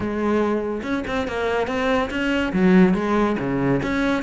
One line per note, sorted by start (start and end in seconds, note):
0.00 0.82 G#3
0.83 1.04 C#4
1.07 1.27 C4
1.27 1.67 A#3
1.67 2.09 C4
2.10 2.52 C#4
2.52 2.94 F#3
2.94 3.36 G#3
3.39 3.81 C#3
3.82 4.23 C#4